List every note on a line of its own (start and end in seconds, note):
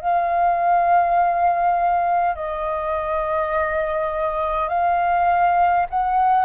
0.00 2.35 F5
2.35 4.68 D#5
4.68 5.86 F5
5.90 6.45 F#5